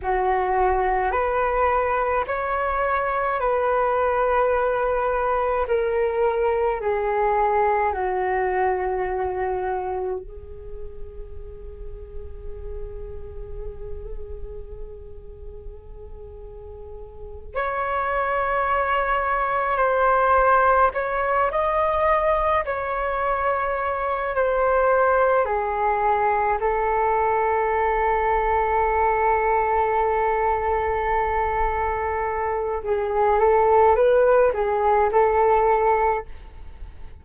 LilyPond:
\new Staff \with { instrumentName = "flute" } { \time 4/4 \tempo 4 = 53 fis'4 b'4 cis''4 b'4~ | b'4 ais'4 gis'4 fis'4~ | fis'4 gis'2.~ | gis'2.~ gis'8 cis''8~ |
cis''4. c''4 cis''8 dis''4 | cis''4. c''4 gis'4 a'8~ | a'1~ | a'4 gis'8 a'8 b'8 gis'8 a'4 | }